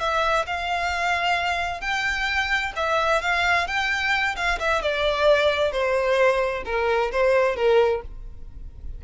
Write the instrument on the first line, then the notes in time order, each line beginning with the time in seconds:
violin
0.00 E5
0.47 F5
1.81 G5
2.76 E5
3.21 F5
3.67 G5
4.36 F5
4.59 E5
4.82 D5
5.72 C5
6.65 A#4
7.12 C5
7.56 A#4